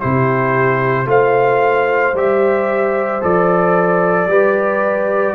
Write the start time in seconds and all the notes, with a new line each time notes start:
0.00 C3 E4 G4 C5
1.05 A3 F4 C5 F5
2.13 G3 G4 E5
3.21 F3 A4 D5
4.25 G3 G4 B4